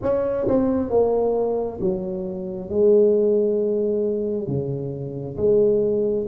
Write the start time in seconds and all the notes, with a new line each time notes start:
0.02 C#4
0.47 C4
0.90 A#3
1.80 F#3
2.69 G#3
4.47 C#3
5.36 G#3